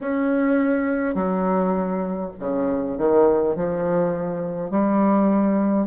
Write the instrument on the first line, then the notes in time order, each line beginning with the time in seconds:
bassoon
0.00 C#4
1.14 F#3
2.39 C#3
2.98 D#3
3.56 F3
4.70 G3